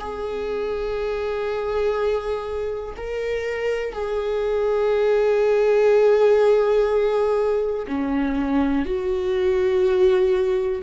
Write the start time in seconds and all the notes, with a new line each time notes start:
0.00 G#4
2.97 A#4
3.93 G#4
7.87 C#4
8.86 F#4